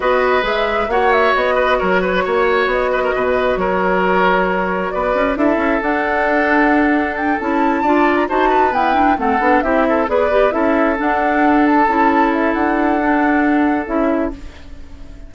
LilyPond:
<<
  \new Staff \with { instrumentName = "flute" } { \time 4/4 \tempo 4 = 134 dis''4 e''4 fis''8 e''8 dis''4 | cis''2 dis''2 | cis''2. d''4 | e''4 fis''2. |
g''8 a''4.~ a''16 ais''16 a''4 g''8~ | g''8 fis''4 e''4 d''4 e''8~ | e''8 fis''4. a''4. e''8 | fis''2. e''4 | }
  \new Staff \with { instrumentName = "oboe" } { \time 4/4 b'2 cis''4. b'8 | ais'8 b'8 cis''4. b'16 ais'16 b'4 | ais'2. b'4 | a'1~ |
a'4. d''4 c''8 b'4~ | b'8 a'4 g'8 a'8 b'4 a'8~ | a'1~ | a'1 | }
  \new Staff \with { instrumentName = "clarinet" } { \time 4/4 fis'4 gis'4 fis'2~ | fis'1~ | fis'1 | e'4 d'2.~ |
d'8 e'4 f'4 fis'4 b8 | d'8 c'8 d'8 e'4 gis'8 g'8 e'8~ | e'8 d'2 e'4.~ | e'4 d'2 e'4 | }
  \new Staff \with { instrumentName = "bassoon" } { \time 4/4 b4 gis4 ais4 b4 | fis4 ais4 b4 b,4 | fis2. b8 cis'8 | d'8 cis'8 d'2.~ |
d'8 cis'4 d'4 dis'4 e'8~ | e'8 a8 b8 c'4 b4 cis'8~ | cis'8 d'2 cis'4. | d'2. cis'4 | }
>>